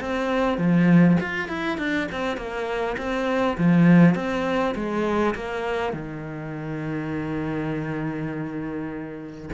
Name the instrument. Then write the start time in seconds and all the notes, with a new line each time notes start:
cello
0.00 C4
0.58 F3
1.20 F4
1.48 E4
1.78 D4
2.12 C4
2.37 A#3
2.97 C4
3.58 F3
4.15 C4
4.75 G#3
5.35 A#3
5.93 D#3